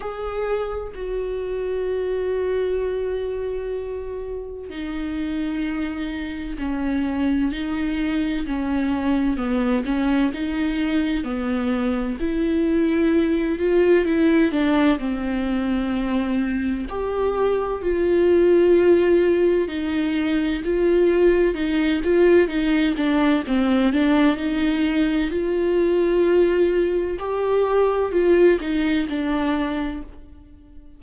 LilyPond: \new Staff \with { instrumentName = "viola" } { \time 4/4 \tempo 4 = 64 gis'4 fis'2.~ | fis'4 dis'2 cis'4 | dis'4 cis'4 b8 cis'8 dis'4 | b4 e'4. f'8 e'8 d'8 |
c'2 g'4 f'4~ | f'4 dis'4 f'4 dis'8 f'8 | dis'8 d'8 c'8 d'8 dis'4 f'4~ | f'4 g'4 f'8 dis'8 d'4 | }